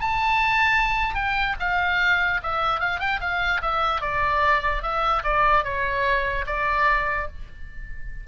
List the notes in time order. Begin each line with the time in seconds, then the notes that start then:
0.00 A5
1.14 G5
1.59 F5
2.43 E5
2.80 F5
2.99 G5
3.20 F5
3.62 E5
4.01 D5
4.82 E5
5.24 D5
5.64 C#5
6.46 D5